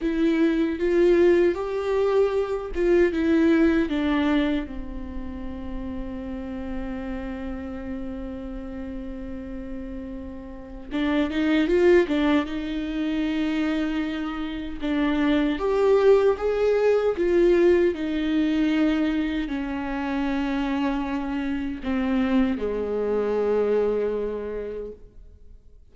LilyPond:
\new Staff \with { instrumentName = "viola" } { \time 4/4 \tempo 4 = 77 e'4 f'4 g'4. f'8 | e'4 d'4 c'2~ | c'1~ | c'2 d'8 dis'8 f'8 d'8 |
dis'2. d'4 | g'4 gis'4 f'4 dis'4~ | dis'4 cis'2. | c'4 gis2. | }